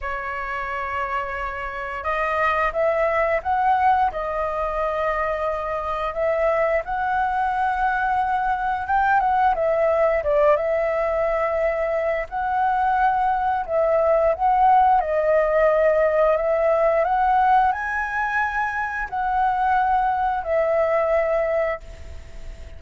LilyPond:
\new Staff \with { instrumentName = "flute" } { \time 4/4 \tempo 4 = 88 cis''2. dis''4 | e''4 fis''4 dis''2~ | dis''4 e''4 fis''2~ | fis''4 g''8 fis''8 e''4 d''8 e''8~ |
e''2 fis''2 | e''4 fis''4 dis''2 | e''4 fis''4 gis''2 | fis''2 e''2 | }